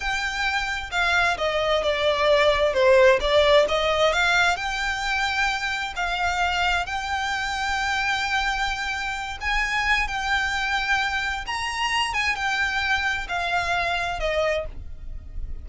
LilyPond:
\new Staff \with { instrumentName = "violin" } { \time 4/4 \tempo 4 = 131 g''2 f''4 dis''4 | d''2 c''4 d''4 | dis''4 f''4 g''2~ | g''4 f''2 g''4~ |
g''1~ | g''8 gis''4. g''2~ | g''4 ais''4. gis''8 g''4~ | g''4 f''2 dis''4 | }